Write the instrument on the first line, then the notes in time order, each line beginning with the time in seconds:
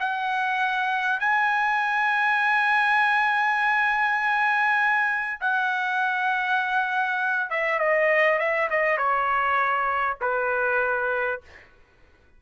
trumpet
0.00 F#5
1.20 G#5
5.41 F#5
7.50 E5
7.79 D#5
8.39 E5
8.70 D#5
8.97 C#5
10.21 B4